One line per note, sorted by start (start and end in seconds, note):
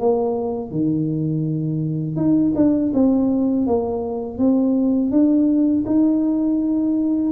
0.00 0.71 A#3
0.71 2.16 D#3
2.16 2.53 D#4
2.56 2.92 D4
2.94 3.67 C4
3.67 4.39 A#3
4.39 5.11 C4
5.11 5.84 D4
5.86 7.32 D#4